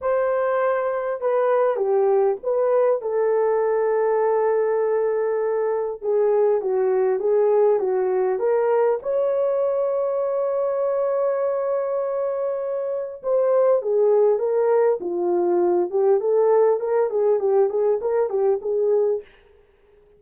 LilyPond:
\new Staff \with { instrumentName = "horn" } { \time 4/4 \tempo 4 = 100 c''2 b'4 g'4 | b'4 a'2.~ | a'2 gis'4 fis'4 | gis'4 fis'4 ais'4 cis''4~ |
cis''1~ | cis''2 c''4 gis'4 | ais'4 f'4. g'8 a'4 | ais'8 gis'8 g'8 gis'8 ais'8 g'8 gis'4 | }